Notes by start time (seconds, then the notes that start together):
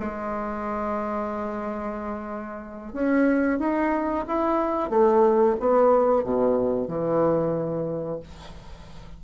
0.00 G#3
2.93 C#4
3.60 D#4
4.28 E4
4.90 A3
5.60 B3
6.24 B2
6.88 E3